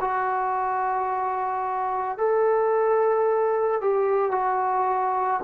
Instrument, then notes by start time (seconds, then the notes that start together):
trombone
0.00 F#4
2.18 A4
3.81 G4
4.31 F#4